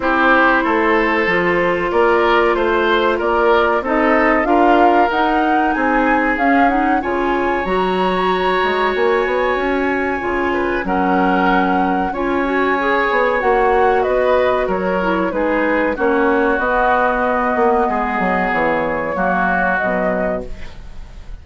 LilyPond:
<<
  \new Staff \with { instrumentName = "flute" } { \time 4/4 \tempo 4 = 94 c''2. d''4 | c''4 d''4 dis''4 f''4 | fis''4 gis''4 f''8 fis''8 gis''4 | ais''2 gis''2~ |
gis''4 fis''2 gis''4~ | gis''4 fis''4 dis''4 cis''4 | b'4 cis''4 dis''2~ | dis''4 cis''2 dis''4 | }
  \new Staff \with { instrumentName = "oboe" } { \time 4/4 g'4 a'2 ais'4 | c''4 ais'4 a'4 ais'4~ | ais'4 gis'2 cis''4~ | cis''1~ |
cis''8 b'8 ais'2 cis''4~ | cis''2 b'4 ais'4 | gis'4 fis'2. | gis'2 fis'2 | }
  \new Staff \with { instrumentName = "clarinet" } { \time 4/4 e'2 f'2~ | f'2 dis'4 f'4 | dis'2 cis'8 dis'8 f'4 | fis'1 |
f'4 cis'2 f'8 fis'8 | gis'4 fis'2~ fis'8 e'8 | dis'4 cis'4 b2~ | b2 ais4 fis4 | }
  \new Staff \with { instrumentName = "bassoon" } { \time 4/4 c'4 a4 f4 ais4 | a4 ais4 c'4 d'4 | dis'4 c'4 cis'4 cis4 | fis4. gis8 ais8 b8 cis'4 |
cis4 fis2 cis'4~ | cis'8 b8 ais4 b4 fis4 | gis4 ais4 b4. ais8 | gis8 fis8 e4 fis4 b,4 | }
>>